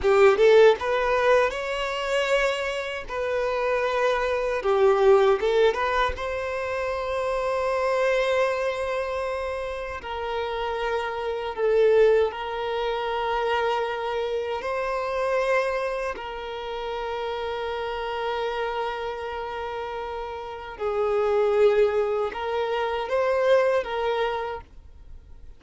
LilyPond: \new Staff \with { instrumentName = "violin" } { \time 4/4 \tempo 4 = 78 g'8 a'8 b'4 cis''2 | b'2 g'4 a'8 b'8 | c''1~ | c''4 ais'2 a'4 |
ais'2. c''4~ | c''4 ais'2.~ | ais'2. gis'4~ | gis'4 ais'4 c''4 ais'4 | }